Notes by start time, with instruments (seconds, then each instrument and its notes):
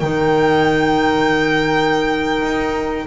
0.00 double bass D#3, clarinet D#4, horn A#4, violin G5
2.42 double bass D#4